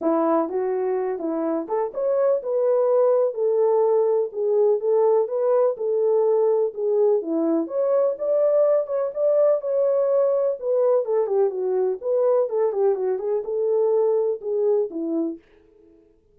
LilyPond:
\new Staff \with { instrumentName = "horn" } { \time 4/4 \tempo 4 = 125 e'4 fis'4. e'4 a'8 | cis''4 b'2 a'4~ | a'4 gis'4 a'4 b'4 | a'2 gis'4 e'4 |
cis''4 d''4. cis''8 d''4 | cis''2 b'4 a'8 g'8 | fis'4 b'4 a'8 g'8 fis'8 gis'8 | a'2 gis'4 e'4 | }